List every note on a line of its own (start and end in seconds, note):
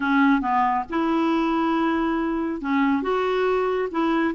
0.00 0.41 C#4
0.41 0.84 B3
0.89 2.61 E4
2.61 3.02 C#4
3.02 3.88 F#4
3.91 4.34 E4